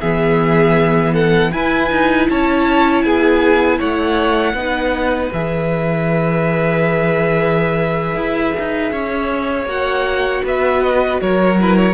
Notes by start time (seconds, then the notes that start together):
0.00 E3 B3 G#4 E5
1.13 A4 F#5
1.51 E4 B4 G#5
1.90 D#4
2.29 C#4 C#5 A5
3.01 B3 G#4 G#5
3.78 A3 C#5 F#5
4.53 B3 D#4 B4
5.32 E3 G#4 E5
8.15 E4
8.58 D#4
8.91 C#4 C#5
9.65 A#3 F#4 F#5
10.44 B3 B4 E5
10.82 D#5
11.21 F#3 A#4 C#5
11.60 E4 B4
11.76 C#5